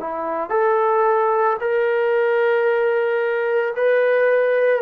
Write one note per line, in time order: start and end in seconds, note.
0.00 0.50 E4
0.50 1.57 A4
1.60 3.75 A#4
3.76 4.82 B4